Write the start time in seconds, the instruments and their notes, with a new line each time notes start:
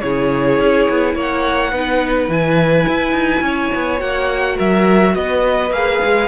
0.00 cello C#3, viola E4, violin G#4 C#5
0.59 cello C#4
0.89 cello B3
1.14 cello A#3, violin C#5 F#5
1.71 cello B3, viola D#4, violin B4
2.28 cello E3, viola E4, violin G#5
2.88 cello E4
3.12 cello D#4
3.41 cello C#4, violin C#5
3.74 cello B3
3.98 cello A#3, viola F#4, violin F#5
4.56 cello F#3, violin A#4 E5
5.15 cello B3, violin B4 D#5
5.70 cello A#3, viola G#4, violin F5
6.04 cello G#3